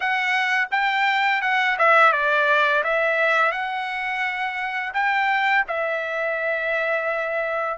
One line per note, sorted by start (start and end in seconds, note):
0.00 0.68 F#5
0.71 1.41 G5
1.41 1.76 F#5
1.78 2.12 E5
2.12 2.83 D5
2.83 3.51 E5
3.51 4.93 F#5
4.93 5.64 G5
5.67 7.78 E5